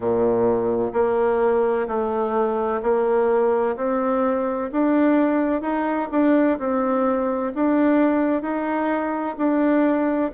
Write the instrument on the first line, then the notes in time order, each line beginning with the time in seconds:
bassoon
0.00 A#2
0.93 A#3
1.87 A3
2.82 A#3
3.76 C4
4.72 D4
5.61 D#4
6.11 D4
6.58 C4
7.54 D4
8.42 D#4
9.37 D4